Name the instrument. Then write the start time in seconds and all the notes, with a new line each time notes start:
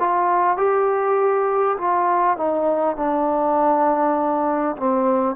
trombone
0.00 F4
0.57 G4
1.78 F4
2.37 D#4
2.97 D4
4.77 C4